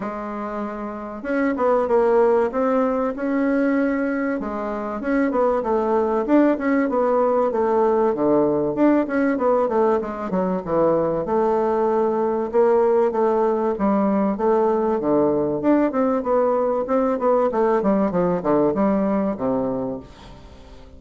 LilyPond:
\new Staff \with { instrumentName = "bassoon" } { \time 4/4 \tempo 4 = 96 gis2 cis'8 b8 ais4 | c'4 cis'2 gis4 | cis'8 b8 a4 d'8 cis'8 b4 | a4 d4 d'8 cis'8 b8 a8 |
gis8 fis8 e4 a2 | ais4 a4 g4 a4 | d4 d'8 c'8 b4 c'8 b8 | a8 g8 f8 d8 g4 c4 | }